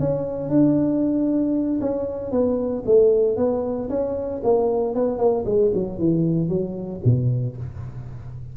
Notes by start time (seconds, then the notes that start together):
0.00 C#4
0.50 D4
1.81 C#4
2.31 B3
2.86 A3
3.37 B3
3.89 C#4
4.43 A#3
4.95 B3
5.18 A#3
5.45 G#3
5.74 F#3
5.99 E3
6.49 F#3
7.05 B2